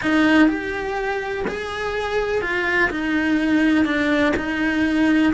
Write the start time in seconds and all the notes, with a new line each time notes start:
0.02 D#4
0.48 G4
1.47 G#4
2.41 F4
2.90 D#4
3.85 D4
4.36 D#4